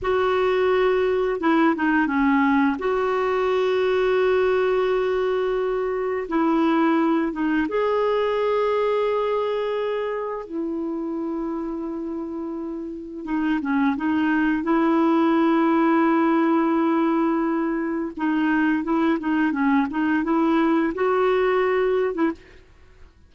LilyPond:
\new Staff \with { instrumentName = "clarinet" } { \time 4/4 \tempo 4 = 86 fis'2 e'8 dis'8 cis'4 | fis'1~ | fis'4 e'4. dis'8 gis'4~ | gis'2. e'4~ |
e'2. dis'8 cis'8 | dis'4 e'2.~ | e'2 dis'4 e'8 dis'8 | cis'8 dis'8 e'4 fis'4.~ fis'16 e'16 | }